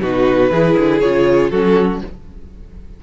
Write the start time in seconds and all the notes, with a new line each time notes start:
0.00 B2 D#4 F#4 B4
0.50 E3 E4 G#4
0.78 D3
1.00 C#3 F4 C#5
1.49 F#3 C#4 F#4 A4